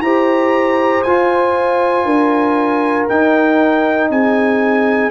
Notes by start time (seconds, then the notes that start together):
0.00 E4 G4 C5 A#5
1.03 F4 G#5
2.05 D4 A#4
3.09 D#4 G5
4.10 C4 G#4 G#5